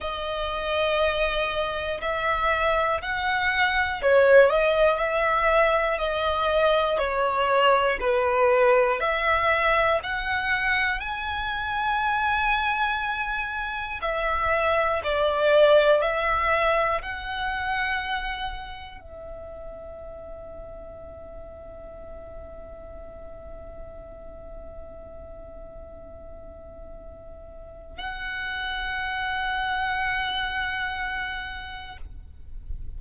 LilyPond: \new Staff \with { instrumentName = "violin" } { \time 4/4 \tempo 4 = 60 dis''2 e''4 fis''4 | cis''8 dis''8 e''4 dis''4 cis''4 | b'4 e''4 fis''4 gis''4~ | gis''2 e''4 d''4 |
e''4 fis''2 e''4~ | e''1~ | e''1 | fis''1 | }